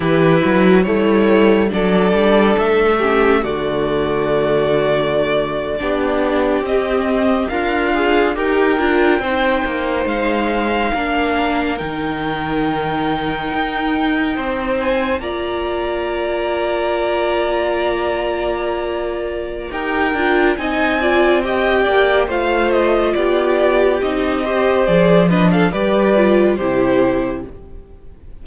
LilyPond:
<<
  \new Staff \with { instrumentName = "violin" } { \time 4/4 \tempo 4 = 70 b'4 cis''4 d''4 e''4 | d''2.~ d''8. dis''16~ | dis''8. f''4 g''2 f''16~ | f''4.~ f''16 g''2~ g''16~ |
g''4~ g''16 gis''8 ais''2~ ais''16~ | ais''2. g''4 | gis''4 g''4 f''8 dis''8 d''4 | dis''4 d''8 dis''16 f''16 d''4 c''4 | }
  \new Staff \with { instrumentName = "violin" } { \time 4/4 e'4 a4 a'4. g'8 | fis'2~ fis'8. g'4~ g'16~ | g'8. f'4 ais'4 c''4~ c''16~ | c''8. ais'2.~ ais'16~ |
ais'8. c''4 d''2~ d''16~ | d''2. ais'4 | dis''8 d''8 dis''8 d''8 c''4 g'4~ | g'8 c''4 b'16 a'16 b'4 g'4 | }
  \new Staff \with { instrumentName = "viola" } { \time 4/4 g'8 fis'8 e'4 d'4. cis'8 | a2~ a8. d'4 c'16~ | c'8. ais'8 gis'8 g'8 f'8 dis'4~ dis'16~ | dis'8. d'4 dis'2~ dis'16~ |
dis'4.~ dis'16 f'2~ f'16~ | f'2. g'8 f'8 | dis'8 f'8 g'4 f'2 | dis'8 g'8 gis'8 d'8 g'8 f'8 e'4 | }
  \new Staff \with { instrumentName = "cello" } { \time 4/4 e8 fis8 g4 fis8 g8 a4 | d2~ d8. b4 c'16~ | c'8. d'4 dis'8 d'8 c'8 ais8 gis16~ | gis8. ais4 dis2 dis'16~ |
dis'8. c'4 ais2~ ais16~ | ais2. dis'8 d'8 | c'4. ais8 a4 b4 | c'4 f4 g4 c4 | }
>>